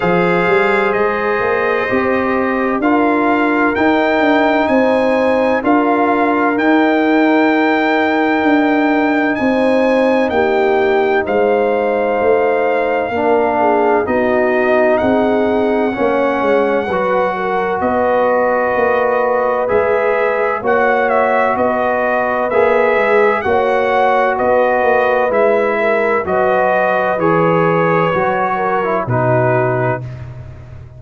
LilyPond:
<<
  \new Staff \with { instrumentName = "trumpet" } { \time 4/4 \tempo 4 = 64 f''4 dis''2 f''4 | g''4 gis''4 f''4 g''4~ | g''2 gis''4 g''4 | f''2. dis''4 |
fis''2. dis''4~ | dis''4 e''4 fis''8 e''8 dis''4 | e''4 fis''4 dis''4 e''4 | dis''4 cis''2 b'4 | }
  \new Staff \with { instrumentName = "horn" } { \time 4/4 c''2. ais'4~ | ais'4 c''4 ais'2~ | ais'2 c''4 g'4 | c''2 ais'8 gis'8 fis'4 |
gis'4 cis''4 b'8 ais'8 b'4~ | b'2 cis''4 b'4~ | b'4 cis''4 b'4. ais'8 | b'2~ b'8 ais'8 fis'4 | }
  \new Staff \with { instrumentName = "trombone" } { \time 4/4 gis'2 g'4 f'4 | dis'2 f'4 dis'4~ | dis'1~ | dis'2 d'4 dis'4~ |
dis'4 cis'4 fis'2~ | fis'4 gis'4 fis'2 | gis'4 fis'2 e'4 | fis'4 gis'4 fis'8. e'16 dis'4 | }
  \new Staff \with { instrumentName = "tuba" } { \time 4/4 f8 g8 gis8 ais8 c'4 d'4 | dis'8 d'8 c'4 d'4 dis'4~ | dis'4 d'4 c'4 ais4 | gis4 a4 ais4 b4 |
c'4 ais8 gis8 fis4 b4 | ais4 gis4 ais4 b4 | ais8 gis8 ais4 b8 ais8 gis4 | fis4 e4 fis4 b,4 | }
>>